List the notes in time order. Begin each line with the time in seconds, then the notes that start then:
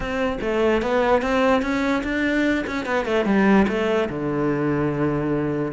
0.00 C4
0.41 A3
0.82 B3
1.22 C4
1.62 C#4
2.03 D4
2.67 C#4
2.85 B3
3.05 A3
3.25 G3
3.68 A3
4.09 D3